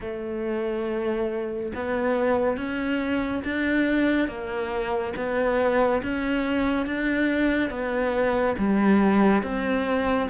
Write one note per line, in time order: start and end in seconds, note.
0.00 1.72 A3
1.74 2.57 B3
2.57 3.42 C#4
3.44 4.27 D4
4.27 5.13 A#3
5.16 6.02 B3
6.02 6.86 C#4
6.86 7.69 D4
7.69 8.55 B3
8.58 9.42 G3
9.42 10.28 C4